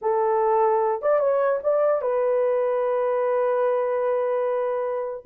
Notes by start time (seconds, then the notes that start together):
0.01 A4
1.02 D5
1.19 C#5
1.63 D5
2.01 B4